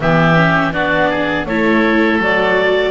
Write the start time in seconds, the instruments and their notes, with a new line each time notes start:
0.00 double bass E3, viola B3, oboe G4, clarinet E5
0.35 viola C#4
0.72 double bass B3, viola D4, oboe F#4, clarinet D5
1.10 oboe G#4
1.45 double bass A3, viola E4, oboe A4, clarinet C#5
2.18 double bass F#3, viola F#4, clarinet D5